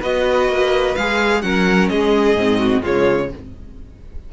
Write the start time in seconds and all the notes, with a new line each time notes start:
0.00 B3 F#4 B4 D#5
0.49 A#3
0.96 G#3 G#4 F5
1.42 F#3 C#4 A#4 F#5
1.89 G#3 G#4 D#5
2.36 G#2 C4
2.59 F#4
2.82 C#3 G#3 F4 C#5